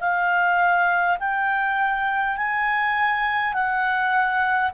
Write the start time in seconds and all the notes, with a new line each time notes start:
0.00 F5
1.20 G5
2.37 G#5
3.54 F#5